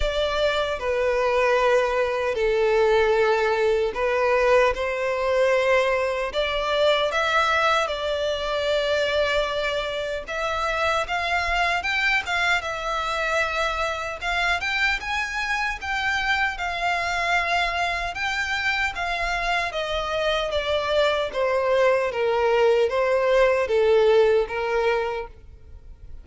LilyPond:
\new Staff \with { instrumentName = "violin" } { \time 4/4 \tempo 4 = 76 d''4 b'2 a'4~ | a'4 b'4 c''2 | d''4 e''4 d''2~ | d''4 e''4 f''4 g''8 f''8 |
e''2 f''8 g''8 gis''4 | g''4 f''2 g''4 | f''4 dis''4 d''4 c''4 | ais'4 c''4 a'4 ais'4 | }